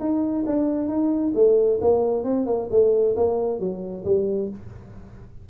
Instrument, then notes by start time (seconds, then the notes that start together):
tuba
0.00 D#4
0.47 D4
0.89 D#4
1.35 A3
1.81 A#3
2.24 C4
2.47 A#3
2.71 A3
3.16 A#3
3.60 F#3
4.05 G3